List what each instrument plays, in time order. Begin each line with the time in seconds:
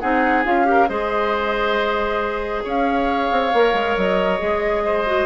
0.00 bassoon C4, clarinet D#4, oboe G#4, flute F#5
0.44 bassoon C#4, clarinet F4, flute F5
0.65 clarinet G4, oboe A#4
0.88 bassoon G#3, clarinet G#4, oboe C5, flute D#5
2.64 bassoon C#4, oboe C#5, flute F5
3.31 bassoon C4
3.53 bassoon A#3, clarinet A#4
3.74 bassoon G#3
3.97 bassoon F#3, flute D#5
4.39 bassoon G#3, clarinet G#4
4.85 oboe C5
5.06 clarinet F#4